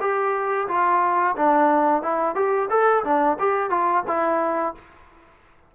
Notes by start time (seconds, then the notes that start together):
0.00 G4
0.68 F4
1.36 D4
2.02 E4
2.35 G4
2.70 A4
3.04 D4
3.39 G4
3.70 F4
4.07 E4